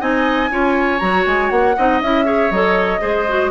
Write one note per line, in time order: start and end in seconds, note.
0.00 0.51 C4
0.00 0.50 D#4
0.00 0.50 D#5
0.00 0.99 G#5
0.51 1.01 C#4
0.51 1.00 F4
0.51 1.76 C#5
0.99 1.26 F#3
0.99 1.75 F#4
0.99 1.24 A#5
1.26 1.51 G#3
1.26 1.50 G#5
1.50 1.76 A#3
1.50 2.00 F#5
1.77 2.01 C4
1.77 2.03 D#4
1.77 2.26 D#5
2.01 2.51 C#4
2.01 2.25 E4
2.01 2.51 E5
2.25 2.50 G#4
2.25 3.01 C#5
2.51 3.01 F#3
2.51 3.00 A4
2.51 3.51 D#5
3.00 3.51 G#3
3.00 3.25 G#4
3.00 3.51 C5
3.28 3.51 F#4